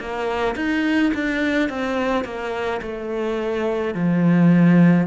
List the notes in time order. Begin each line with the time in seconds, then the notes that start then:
0.00 A#3
0.56 D#4
1.14 D4
1.69 C4
2.24 A#3
2.82 A3
3.95 F3